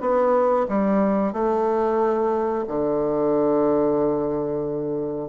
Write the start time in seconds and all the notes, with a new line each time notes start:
0.00 B3
0.68 G3
1.32 A3
2.67 D3